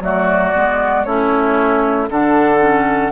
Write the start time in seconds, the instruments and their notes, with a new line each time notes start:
0.00 bassoon F#3, clarinet A3, oboe F#4, flute D5
0.54 bassoon G#3, clarinet B3
1.04 bassoon A3, clarinet C#4, oboe E4, flute C#5
2.09 bassoon D3, clarinet D4, oboe A4, flute F#5
2.60 clarinet C#4